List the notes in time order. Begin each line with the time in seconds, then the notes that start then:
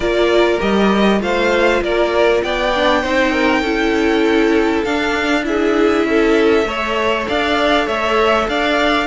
0.00 A#3 F4 A#4 D5
0.59 G3 G4 D#5
1.19 A3 F4 C5 F5
1.81 A#3 A#4 D5
2.42 B3 D5 G5
2.75 D4
3.02 C4 D#4 C5
3.31 A#4
3.61 C#4 E4 A4
4.84 D4 F5
5.43 E4 G#4 E5
6.04 C#4 A4
6.65 A3 A4 C#5
7.28 D4 D5 F5
7.86 A3 C#5 E5
8.48 D4 D5 F5